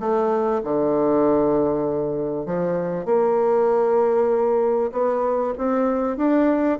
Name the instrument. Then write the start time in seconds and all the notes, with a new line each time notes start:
bassoon
0.00 A3
0.64 D3
2.46 F3
3.06 A#3
4.92 B3
5.58 C4
6.17 D4